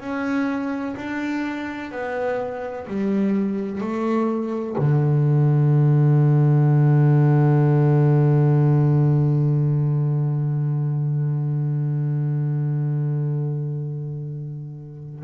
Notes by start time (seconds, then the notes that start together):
0.00 C#4
0.97 D4
1.92 B3
2.87 G3
3.81 A3
4.78 D3